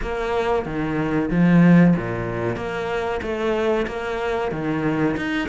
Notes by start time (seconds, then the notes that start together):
0.02 A#3
0.65 D#3
1.30 F3
1.96 A#2
2.56 A#3
3.22 A3
3.87 A#3
4.51 D#3
5.16 D#4